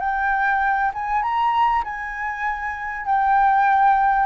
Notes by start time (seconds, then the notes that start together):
0.00 G5
0.94 G#5
1.23 A#5
1.85 G#5
3.06 G5